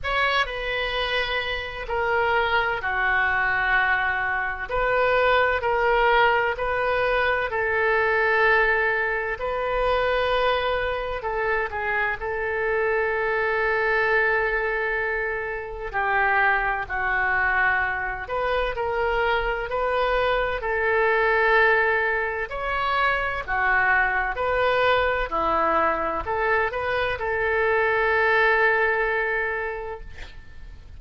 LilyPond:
\new Staff \with { instrumentName = "oboe" } { \time 4/4 \tempo 4 = 64 cis''8 b'4. ais'4 fis'4~ | fis'4 b'4 ais'4 b'4 | a'2 b'2 | a'8 gis'8 a'2.~ |
a'4 g'4 fis'4. b'8 | ais'4 b'4 a'2 | cis''4 fis'4 b'4 e'4 | a'8 b'8 a'2. | }